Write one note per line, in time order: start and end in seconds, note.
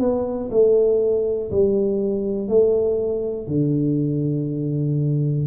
0.00 0.50 B3
0.51 1.51 A3
1.51 2.48 G3
2.48 3.48 A3
3.48 5.47 D3